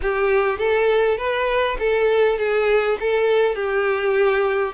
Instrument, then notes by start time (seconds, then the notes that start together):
violin
0.02 G4
0.58 A4
1.17 B4
1.79 A4
2.38 G#4
2.99 A4
3.55 G4